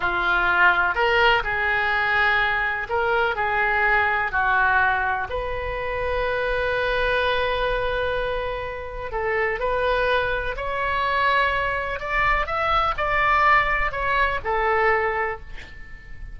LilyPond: \new Staff \with { instrumentName = "oboe" } { \time 4/4 \tempo 4 = 125 f'2 ais'4 gis'4~ | gis'2 ais'4 gis'4~ | gis'4 fis'2 b'4~ | b'1~ |
b'2. a'4 | b'2 cis''2~ | cis''4 d''4 e''4 d''4~ | d''4 cis''4 a'2 | }